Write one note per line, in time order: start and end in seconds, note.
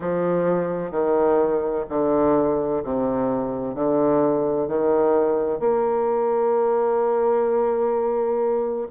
0.00 0.91 F3
0.91 1.85 D#3
1.89 2.83 D3
2.83 3.74 C3
3.74 4.68 D3
4.68 5.59 D#3
5.59 8.87 A#3